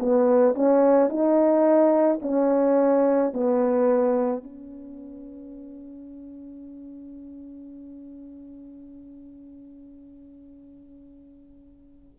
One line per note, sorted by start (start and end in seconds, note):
0.00 0.56 B3
0.56 1.10 C#4
1.10 2.21 D#4
2.23 3.33 C#4
3.33 4.44 B3
4.44 12.19 C#4